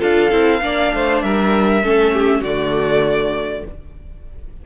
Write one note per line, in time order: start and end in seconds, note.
0.00 0.32 D4
0.00 0.30 F4
0.00 0.61 A4
0.00 1.22 F5
0.31 0.62 C4
0.31 0.62 E4
0.62 0.93 A#3
0.62 1.83 D4
0.62 0.94 D5
0.94 1.23 A3
0.94 1.24 C5
1.22 1.84 G3
1.22 1.84 A#4
1.22 2.44 E5
1.84 2.41 A3
1.84 2.44 C#4
1.84 2.14 A4
2.14 2.41 G4
2.41 3.63 D3
2.41 3.67 A3
2.41 3.62 F#4
2.41 3.65 D5